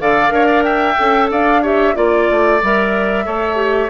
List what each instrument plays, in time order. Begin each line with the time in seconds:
0.00 bassoon D3, clarinet A4, oboe D5, flute F5
0.30 bassoon D4, clarinet A#4, oboe C#5
0.47 oboe D5
0.64 oboe E5, flute G5
0.98 bassoon C#4, clarinet A4
1.32 bassoon D4, oboe D5, flute F5
1.62 clarinet G4, oboe C#5, flute E5
1.95 bassoon A#3, clarinet F4, flute D5, oboe D5
2.31 bassoon A3
2.63 bassoon G3, clarinet A#4, flute E5
3.25 bassoon A3, clarinet A4, oboe C#5
3.56 clarinet G4